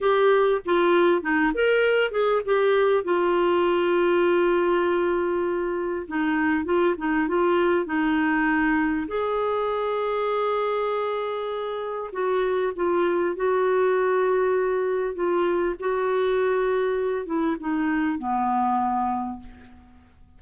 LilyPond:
\new Staff \with { instrumentName = "clarinet" } { \time 4/4 \tempo 4 = 99 g'4 f'4 dis'8 ais'4 gis'8 | g'4 f'2.~ | f'2 dis'4 f'8 dis'8 | f'4 dis'2 gis'4~ |
gis'1 | fis'4 f'4 fis'2~ | fis'4 f'4 fis'2~ | fis'8 e'8 dis'4 b2 | }